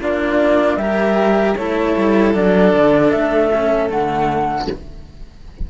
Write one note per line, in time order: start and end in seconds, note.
0.00 0.76 A#3
0.00 0.79 D4
0.00 0.80 F4
0.00 0.76 D5
0.76 1.54 G3
0.76 1.56 G4
0.76 1.58 A#4
0.76 1.54 E5
1.55 1.95 A3
1.55 2.34 E4
1.55 4.70 A4
1.55 2.33 C#5
1.96 2.35 G3
2.34 2.73 F#3
2.34 3.51 D4
2.34 3.11 D5
2.73 3.12 D3
3.11 3.90 A3
3.11 3.89 E5
3.53 3.89 C#4
3.89 4.68 D3
3.89 4.67 A3
3.89 4.68 F#5